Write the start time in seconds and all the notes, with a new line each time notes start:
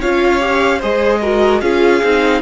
0.00 C#4 F4 C#5 F5
0.40 G4
0.78 G#3 G#4 C5 D#5
1.22 F#4 A#4
1.61 C#4 F4 G#4 F5
2.03 C4 D#4